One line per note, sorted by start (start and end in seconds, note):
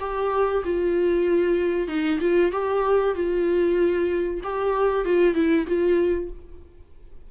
0.00 0.63 G4
0.65 1.88 F4
1.88 2.19 D#4
2.20 2.52 F4
2.52 3.15 G4
3.15 4.41 F4
4.43 5.05 G4
5.05 5.35 F4
5.35 5.66 E4
5.67 6.30 F4